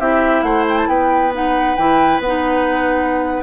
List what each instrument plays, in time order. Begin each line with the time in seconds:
0.00 bassoon C4, clarinet E4, oboe G4, flute E5
0.43 bassoon A3, oboe C5, flute F#5
0.69 flute G5
0.78 flute A5
0.88 bassoon B3, oboe B4, flute G5
1.32 clarinet D#4, flute F#5
1.76 bassoon E3, clarinet E4, flute G5
2.19 bassoon B3, flute F#5
2.26 clarinet D#4